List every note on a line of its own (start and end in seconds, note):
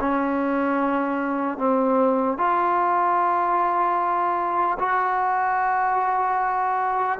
0.00 1.58 C#4
1.58 2.38 C4
2.38 4.78 F4
4.79 7.19 F#4